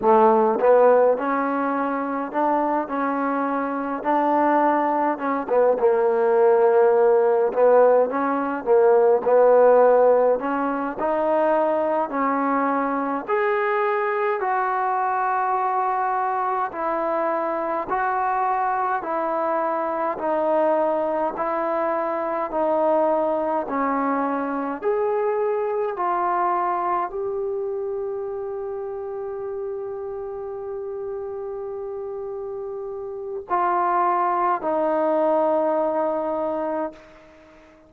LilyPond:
\new Staff \with { instrumentName = "trombone" } { \time 4/4 \tempo 4 = 52 a8 b8 cis'4 d'8 cis'4 d'8~ | d'8 cis'16 b16 ais4. b8 cis'8 ais8 | b4 cis'8 dis'4 cis'4 gis'8~ | gis'8 fis'2 e'4 fis'8~ |
fis'8 e'4 dis'4 e'4 dis'8~ | dis'8 cis'4 gis'4 f'4 g'8~ | g'1~ | g'4 f'4 dis'2 | }